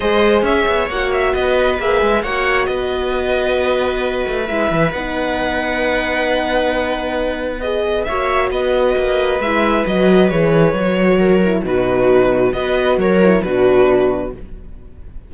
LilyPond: <<
  \new Staff \with { instrumentName = "violin" } { \time 4/4 \tempo 4 = 134 dis''4 e''4 fis''8 e''8 dis''4 | e''4 fis''4 dis''2~ | dis''2 e''4 fis''4~ | fis''1~ |
fis''4 dis''4 e''4 dis''4~ | dis''4 e''4 dis''4 cis''4~ | cis''2 b'2 | dis''4 cis''4 b'2 | }
  \new Staff \with { instrumentName = "viola" } { \time 4/4 c''4 cis''2 b'4~ | b'4 cis''4 b'2~ | b'1~ | b'1~ |
b'2 cis''4 b'4~ | b'1~ | b'4 ais'4 fis'2 | b'4 ais'4 fis'2 | }
  \new Staff \with { instrumentName = "horn" } { \time 4/4 gis'2 fis'2 | gis'4 fis'2.~ | fis'2 e'4 dis'4~ | dis'1~ |
dis'4 gis'4 fis'2~ | fis'4 e'4 fis'4 gis'4 | fis'4. e'8 dis'2 | fis'4. e'8 d'2 | }
  \new Staff \with { instrumentName = "cello" } { \time 4/4 gis4 cis'8 b8 ais4 b4 | ais8 gis8 ais4 b2~ | b4. a8 gis8 e8 b4~ | b1~ |
b2 ais4 b4 | ais4 gis4 fis4 e4 | fis2 b,2 | b4 fis4 b,2 | }
>>